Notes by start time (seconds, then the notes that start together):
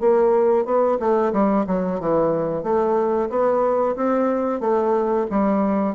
0.00 A#3
0.66 B3
1.00 A3
1.33 G3
1.67 F#3
2.00 E3
2.64 A3
3.30 B3
3.96 C4
4.61 A3
5.31 G3